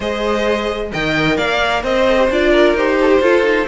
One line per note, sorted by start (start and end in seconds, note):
0.00 0.92 G#3
0.00 0.92 G#4
0.00 0.89 C5
0.00 0.92 D#5
0.91 1.38 D#3
0.91 2.07 A#4
0.91 1.37 D#5
0.91 1.36 G5
1.36 1.83 A#3
1.36 1.83 D5
1.36 1.82 F5
1.83 2.29 C4
1.83 2.50 C5
1.83 2.29 D#5
2.08 2.17 A4
2.17 2.28 G4
2.30 2.73 D4
2.30 2.77 F4
2.30 2.76 D5
2.50 2.96 A#4
2.73 3.19 D#4
2.73 3.22 G4
2.73 3.67 C5
3.01 3.09 A4
3.09 3.20 G4
3.20 3.66 F4
3.20 3.42 F4
3.20 3.67 A4
3.42 3.65 D#4